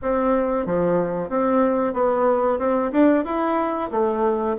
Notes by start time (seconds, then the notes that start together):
0.01 C4
0.66 F3
1.29 C4
1.93 B3
2.58 C4
2.92 D4
3.25 E4
3.91 A3